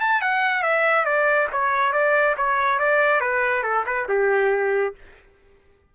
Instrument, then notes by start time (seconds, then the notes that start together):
trumpet
0.00 A5
0.21 F#5
0.62 E5
1.05 D5
1.52 C#5
1.92 D5
2.37 C#5
2.79 D5
3.20 B4
3.63 A4
3.86 B4
4.09 G4